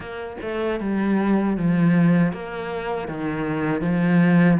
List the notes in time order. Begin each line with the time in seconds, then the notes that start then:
0.00 A#3
0.41 A3
0.80 G3
1.57 F3
2.33 A#3
3.08 D#3
3.81 F3